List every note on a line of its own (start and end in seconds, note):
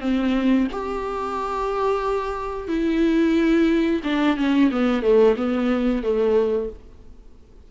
0.00 0.67 C4
0.71 2.68 G4
2.68 4.01 E4
4.03 4.36 D4
4.36 4.70 C#4
4.71 5.02 B3
5.02 5.35 A3
5.36 6.02 B3
6.02 6.69 A3